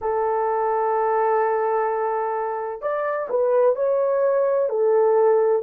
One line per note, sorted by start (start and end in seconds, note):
0.01 2.81 A4
2.81 3.28 D5
3.29 3.75 B4
3.75 4.69 C#5
4.69 5.62 A4